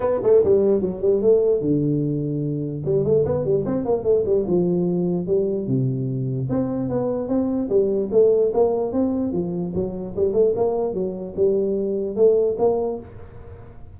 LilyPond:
\new Staff \with { instrumentName = "tuba" } { \time 4/4 \tempo 4 = 148 b8 a8 g4 fis8 g8 a4 | d2. g8 a8 | b8 g8 c'8 ais8 a8 g8 f4~ | f4 g4 c2 |
c'4 b4 c'4 g4 | a4 ais4 c'4 f4 | fis4 g8 a8 ais4 fis4 | g2 a4 ais4 | }